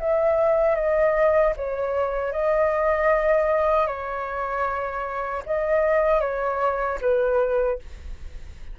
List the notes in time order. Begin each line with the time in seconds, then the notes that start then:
0.00 E5
0.76 D#5
1.57 C#5
2.33 D#5
3.87 C#5
5.46 D#5
6.21 C#5
7.01 B4